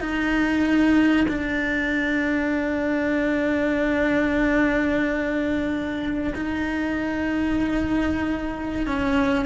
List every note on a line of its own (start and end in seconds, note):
0.00 1.26 D#4
1.28 6.33 D4
6.34 8.86 D#4
8.86 9.45 C#4